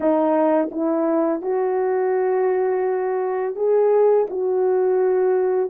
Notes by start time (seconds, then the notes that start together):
0.00 D#4
0.71 E4
1.41 F#4
3.55 G#4
4.30 F#4